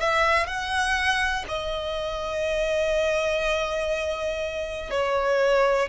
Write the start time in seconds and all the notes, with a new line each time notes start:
0.00 E5
0.46 F#5
1.48 D#5
4.90 C#5